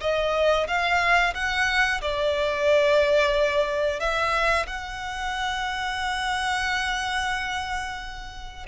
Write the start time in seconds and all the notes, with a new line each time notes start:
0.00 D#5
0.67 F5
1.34 F#5
2.01 D5
3.99 E5
4.66 F#5